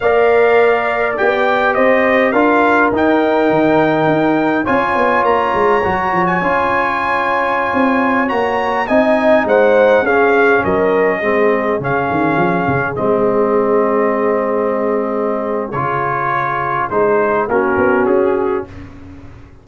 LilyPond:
<<
  \new Staff \with { instrumentName = "trumpet" } { \time 4/4 \tempo 4 = 103 f''2 g''4 dis''4 | f''4 g''2. | gis''4 ais''4.~ ais''16 gis''4~ gis''16~ | gis''2~ gis''16 ais''4 gis''8.~ |
gis''16 fis''4 f''4 dis''4.~ dis''16~ | dis''16 f''2 dis''4.~ dis''16~ | dis''2. cis''4~ | cis''4 c''4 ais'4 gis'4 | }
  \new Staff \with { instrumentName = "horn" } { \time 4/4 d''2. c''4 | ais'1 | cis''1~ | cis''2.~ cis''16 dis''8.~ |
dis''16 c''4 gis'4 ais'4 gis'8.~ | gis'1~ | gis'1~ | gis'2 fis'2 | }
  \new Staff \with { instrumentName = "trombone" } { \time 4/4 ais'2 g'2 | f'4 dis'2. | f'2 fis'4 f'4~ | f'2~ f'16 fis'4 dis'8.~ |
dis'4~ dis'16 cis'2 c'8.~ | c'16 cis'2 c'4.~ c'16~ | c'2. f'4~ | f'4 dis'4 cis'2 | }
  \new Staff \with { instrumentName = "tuba" } { \time 4/4 ais2 b4 c'4 | d'4 dis'4 dis4 dis'4 | cis'8 b8 ais8 gis8 fis8 f8 cis'4~ | cis'4~ cis'16 c'4 ais4 c'8.~ |
c'16 gis4 cis'4 fis4 gis8.~ | gis16 cis8 dis8 f8 cis8 gis4.~ gis16~ | gis2. cis4~ | cis4 gis4 ais8 b8 cis'4 | }
>>